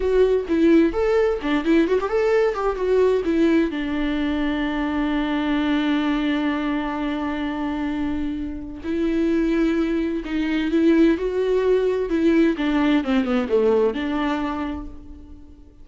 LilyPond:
\new Staff \with { instrumentName = "viola" } { \time 4/4 \tempo 4 = 129 fis'4 e'4 a'4 d'8 e'8 | fis'16 g'16 a'4 g'8 fis'4 e'4 | d'1~ | d'1~ |
d'2. e'4~ | e'2 dis'4 e'4 | fis'2 e'4 d'4 | c'8 b8 a4 d'2 | }